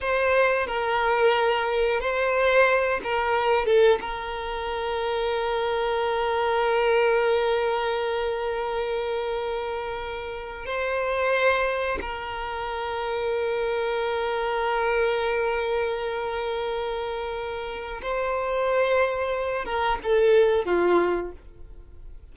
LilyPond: \new Staff \with { instrumentName = "violin" } { \time 4/4 \tempo 4 = 90 c''4 ais'2 c''4~ | c''8 ais'4 a'8 ais'2~ | ais'1~ | ais'1 |
c''2 ais'2~ | ais'1~ | ais'2. c''4~ | c''4. ais'8 a'4 f'4 | }